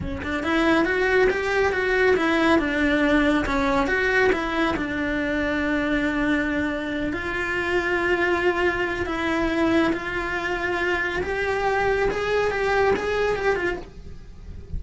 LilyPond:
\new Staff \with { instrumentName = "cello" } { \time 4/4 \tempo 4 = 139 cis'8 d'8 e'4 fis'4 g'4 | fis'4 e'4 d'2 | cis'4 fis'4 e'4 d'4~ | d'1~ |
d'8 f'2.~ f'8~ | f'4 e'2 f'4~ | f'2 g'2 | gis'4 g'4 gis'4 g'8 f'8 | }